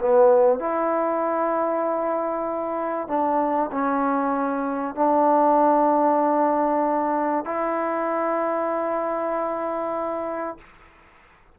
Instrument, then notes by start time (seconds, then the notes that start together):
trombone
0.00 B3
0.59 E4
3.09 D4
3.72 C#4
4.96 D4
7.45 E4